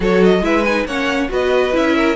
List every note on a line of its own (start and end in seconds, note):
0.00 0.41 F#3
0.00 0.42 F#4
0.00 0.42 A4
0.00 0.24 C#5
0.24 0.44 D#5
0.41 0.84 G#3
0.41 0.63 E4
0.41 0.86 B4
0.41 0.64 E5
0.64 0.87 D#4
0.64 0.86 G#5
0.86 1.29 A#3
0.86 1.29 C#4
0.86 1.30 C#5
0.86 1.30 F#5
1.29 1.73 B3
1.29 1.72 F#4
1.29 1.95 B4
1.29 1.76 D#5
1.72 2.15 C#4
1.72 2.15 E4
1.72 2.15 E5
1.95 2.15 A#4